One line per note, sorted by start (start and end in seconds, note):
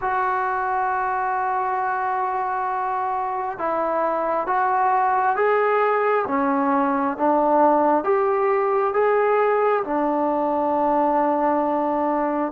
0.01 3.58 F#4
3.58 4.46 E4
4.46 5.35 F#4
5.35 6.25 G#4
6.27 7.16 C#4
7.17 8.04 D4
8.04 8.93 G4
8.93 9.83 G#4
9.83 12.52 D4